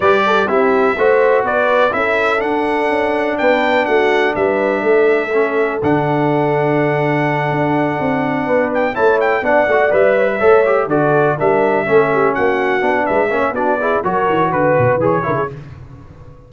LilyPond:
<<
  \new Staff \with { instrumentName = "trumpet" } { \time 4/4 \tempo 4 = 124 d''4 e''2 d''4 | e''4 fis''2 g''4 | fis''4 e''2. | fis''1~ |
fis''2 g''8 a''8 g''8 fis''8~ | fis''8 e''2 d''4 e''8~ | e''4. fis''4. e''4 | d''4 cis''4 b'4 cis''4 | }
  \new Staff \with { instrumentName = "horn" } { \time 4/4 b'8 a'8 g'4 c''4 b'4 | a'2. b'4 | fis'4 b'4 a'2~ | a'1~ |
a'4. b'4 cis''4 d''8~ | d''4 cis''16 b'16 cis''4 a'4 ais'8~ | ais'8 a'8 g'8 fis'4. b'8 cis''8 | fis'8 gis'8 ais'4 b'4. ais'16 gis'16 | }
  \new Staff \with { instrumentName = "trombone" } { \time 4/4 g'4 e'4 fis'2 | e'4 d'2.~ | d'2. cis'4 | d'1~ |
d'2~ d'8 e'4 d'8 | fis'8 b'4 a'8 g'8 fis'4 d'8~ | d'8 cis'2 d'4 cis'8 | d'8 e'8 fis'2 gis'8 e'8 | }
  \new Staff \with { instrumentName = "tuba" } { \time 4/4 g4 c'4 a4 b4 | cis'4 d'4 cis'4 b4 | a4 g4 a2 | d2.~ d8 d'8~ |
d'8 c'4 b4 a4 b8 | a8 g4 a4 d4 g8~ | g8 a4 ais4 b8 gis8 ais8 | b4 fis8 e8 d8 b,8 e8 cis8 | }
>>